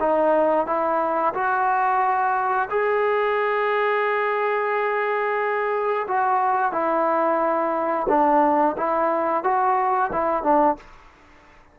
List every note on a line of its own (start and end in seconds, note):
0.00 0.66 D#4
0.66 1.34 E4
1.34 2.68 F#4
2.70 6.07 G#4
6.07 6.71 F#4
6.71 8.06 E4
8.08 8.76 D4
8.77 9.43 E4
9.43 10.11 F#4
10.12 10.43 E4
10.43 10.77 D4